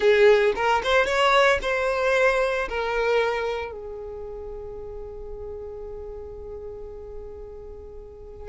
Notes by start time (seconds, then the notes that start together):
0.00 G#4
0.55 A#4
0.83 C5
1.06 C#5
1.62 C5
2.68 A#4
3.71 G#4